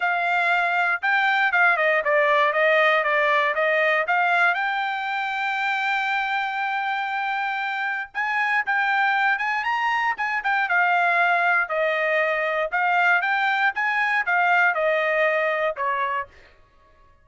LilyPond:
\new Staff \with { instrumentName = "trumpet" } { \time 4/4 \tempo 4 = 118 f''2 g''4 f''8 dis''8 | d''4 dis''4 d''4 dis''4 | f''4 g''2.~ | g''1 |
gis''4 g''4. gis''8 ais''4 | gis''8 g''8 f''2 dis''4~ | dis''4 f''4 g''4 gis''4 | f''4 dis''2 cis''4 | }